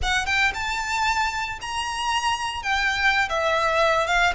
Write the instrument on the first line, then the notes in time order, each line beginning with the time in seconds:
violin
0.02 F#5
0.26 G5
0.54 A5
1.61 A#5
2.62 G5
3.29 E5
4.06 F5